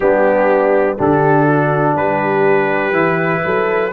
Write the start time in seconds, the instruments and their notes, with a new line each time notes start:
0.00 tuba G3, trombone B3, horn D4, trumpet G4
0.97 tuba D3, trombone D4, horn G4, trumpet A4
1.45 horn F#4
1.95 tuba G3, horn G4, trumpet B4
2.92 tuba E3, trombone E4
3.45 tuba F#3, horn A4